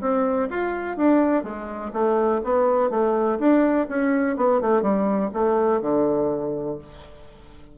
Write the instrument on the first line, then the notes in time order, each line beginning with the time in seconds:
bassoon
0.00 C4
0.49 F4
0.97 D4
1.43 G#3
1.93 A3
2.43 B3
2.90 A3
3.38 D4
3.88 C#4
4.36 B3
4.61 A3
4.82 G3
5.33 A3
5.81 D3